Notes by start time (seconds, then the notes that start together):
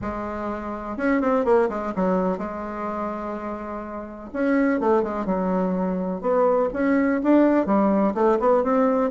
0.01 G#3
0.97 C#4
1.21 C4
1.44 A#3
1.69 G#3
1.95 F#3
2.38 G#3
4.33 C#4
4.79 A3
5.02 G#3
5.25 F#3
6.21 B3
6.73 C#4
7.23 D4
7.66 G3
8.14 A3
8.39 B3
8.63 C4